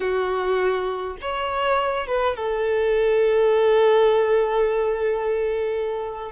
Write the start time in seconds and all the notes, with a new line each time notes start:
0.00 F#4
1.21 C#5
2.07 B4
2.36 A4